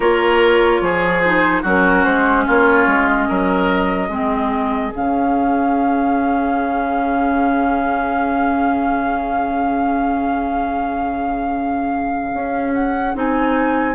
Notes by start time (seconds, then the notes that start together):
0.00 A#3 F4 A#4 C#5
0.81 F3 G#4
1.21 D#4 C5
1.62 F#3 C#4 F#4 A#4
2.04 G#3 C5
2.46 A#3 F4 C#5
2.86 G#3
3.08 D#5
3.28 F#3 A#4
4.08 G#3 C4 G#4
4.94 C#3 C#4 F5
12.33 C#4
12.74 F#5
13.14 C4 D#4 G#5